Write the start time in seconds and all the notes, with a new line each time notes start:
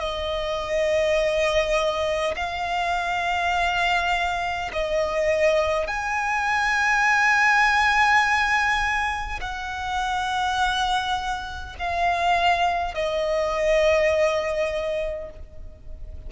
0.00 D#5
2.36 F5
4.73 D#5
5.88 G#5
9.41 F#5
11.79 F5
12.95 D#5